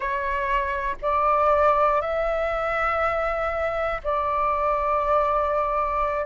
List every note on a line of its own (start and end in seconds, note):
0.00 0.95 C#5
1.01 2.01 D5
2.01 4.01 E5
4.03 6.25 D5